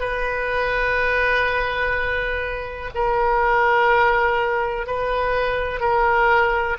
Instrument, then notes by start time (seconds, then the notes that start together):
oboe
0.00 B4
2.95 A#4
4.87 B4
5.80 A#4